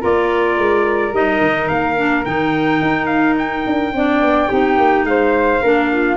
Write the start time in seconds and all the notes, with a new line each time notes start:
0.00 A#3 F4 A#4 D5
0.58 G#3
1.12 G3 D#4 D#5
1.40 D#3
1.68 A#3 F5
1.96 D4
2.24 D#3 D#4 G5
2.81 D#4
3.06 F5
3.38 G5
3.66 D4
3.93 C4 D4 D5
4.21 B3
4.48 C4 D#4 G4
4.77 A#3
5.04 G#3 C5 F5
5.62 A#3 D4 A#4
5.92 F4